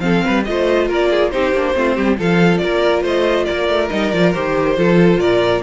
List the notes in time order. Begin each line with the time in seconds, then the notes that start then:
0.00 F3 C4 A4 F5
0.25 G3 B4
0.45 A3 F4 C5 D#5
0.88 A#3 A#4 D5
1.11 G#4
1.31 C4 D#4 G4 C5
1.52 A#3 D4
1.74 A3 C4 F4
1.96 G3 G4
2.18 F3 F4 A4 F5
2.58 A#3 A#4 D5
3.03 A3 C5 D#5
3.45 A#3 A#4 D5
3.69 A3
3.90 G3 D#4 D#5
4.11 F3 F4 D5
4.34 D#3 G4 C5
4.77 F3 F4 A4
5.17 A#2 A#4 D5